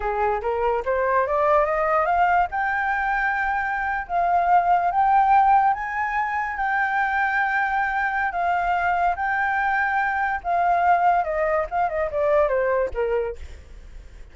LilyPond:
\new Staff \with { instrumentName = "flute" } { \time 4/4 \tempo 4 = 144 gis'4 ais'4 c''4 d''4 | dis''4 f''4 g''2~ | g''4.~ g''16 f''2 g''16~ | g''4.~ g''16 gis''2 g''16~ |
g''1 | f''2 g''2~ | g''4 f''2 dis''4 | f''8 dis''8 d''4 c''4 ais'4 | }